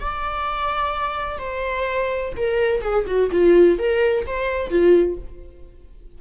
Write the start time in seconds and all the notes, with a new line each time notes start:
0.00 D5
1.38 C5
2.36 A#4
2.81 G#4
3.06 F#4
3.31 F4
3.78 A#4
4.26 C5
4.70 F4